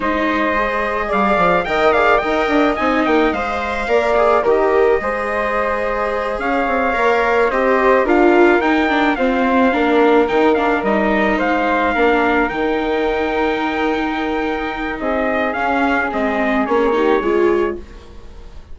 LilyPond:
<<
  \new Staff \with { instrumentName = "trumpet" } { \time 4/4 \tempo 4 = 108 dis''2 f''4 g''8 f''8 | g''4 gis''8 g''8 f''2 | dis''2.~ dis''8 f''8~ | f''4. dis''4 f''4 g''8~ |
g''8 f''2 g''8 f''8 dis''8~ | dis''8 f''2 g''4.~ | g''2. dis''4 | f''4 dis''4 cis''2 | }
  \new Staff \with { instrumentName = "flute" } { \time 4/4 c''2 d''4 dis''8 d''8 | dis''2. d''4 | ais'4 c''2~ c''8 cis''8~ | cis''4. c''4 ais'4.~ |
ais'8 c''4 ais'2~ ais'8~ | ais'8 c''4 ais'2~ ais'8~ | ais'2. gis'4~ | gis'2~ gis'8 g'8 gis'4 | }
  \new Staff \with { instrumentName = "viola" } { \time 4/4 dis'4 gis'2 ais'8 gis'8 | ais'4 dis'4 c''4 ais'8 gis'8 | g'4 gis'2.~ | gis'8 ais'4 g'4 f'4 dis'8 |
d'8 c'4 d'4 dis'8 d'8 dis'8~ | dis'4. d'4 dis'4.~ | dis'1 | cis'4 c'4 cis'8 dis'8 f'4 | }
  \new Staff \with { instrumentName = "bassoon" } { \time 4/4 gis2 g8 f8 dis4 | dis'8 d'8 c'8 ais8 gis4 ais4 | dis4 gis2~ gis8 cis'8 | c'8 ais4 c'4 d'4 dis'8~ |
dis'8 f'4 ais4 dis4 g8~ | g8 gis4 ais4 dis4.~ | dis2. c'4 | cis'4 gis4 ais4 gis4 | }
>>